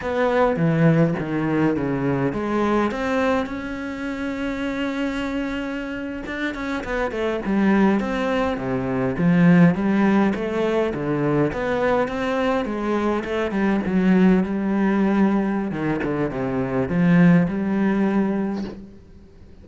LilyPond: \new Staff \with { instrumentName = "cello" } { \time 4/4 \tempo 4 = 103 b4 e4 dis4 cis4 | gis4 c'4 cis'2~ | cis'2~ cis'8. d'8 cis'8 b16~ | b16 a8 g4 c'4 c4 f16~ |
f8. g4 a4 d4 b16~ | b8. c'4 gis4 a8 g8 fis16~ | fis8. g2~ g16 dis8 d8 | c4 f4 g2 | }